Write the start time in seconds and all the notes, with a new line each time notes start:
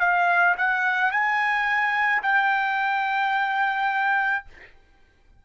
0.00 F5
0.58 F#5
1.12 G#5
2.23 G5